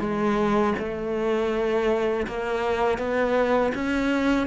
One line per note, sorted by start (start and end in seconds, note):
0.00 0.74 G#3
0.79 2.27 A3
2.27 2.98 A#3
2.98 3.72 B3
3.75 4.47 C#4